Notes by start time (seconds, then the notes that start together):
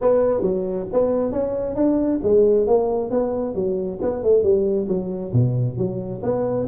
0.01 B3
0.41 F#3
0.93 B3
1.32 C#4
1.75 D4
2.23 G#3
2.66 A#3
3.10 B3
3.54 F#3
4.01 B3
4.23 A3
4.43 G3
4.87 F#3
5.33 B2
5.77 F#3
6.22 B3